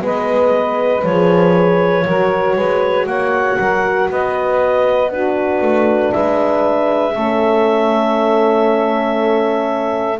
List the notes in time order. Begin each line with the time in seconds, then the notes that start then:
0.00 G#3 B3 B4 D#5
1.02 F3 G#4 C#5
2.06 F#3 F#4 A#4
2.55 G#3 B4
3.06 A#3 C#5 F#5
3.58 F#3 A#4
4.09 B3 B4 D#5
5.10 D4 F#4 B4
5.61 A3
6.12 G#3 B4 E5
7.11 A3 C#4 A4